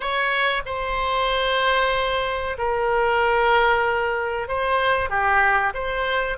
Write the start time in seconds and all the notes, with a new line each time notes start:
0.00 C#5
0.65 C5
2.58 A#4
4.47 C5
5.09 G4
5.73 C5